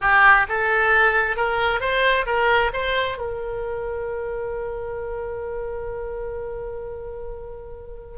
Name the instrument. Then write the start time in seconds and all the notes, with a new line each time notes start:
oboe
0.01 G4
0.48 A4
1.36 A#4
1.80 C5
2.26 A#4
2.73 C5
3.17 A#4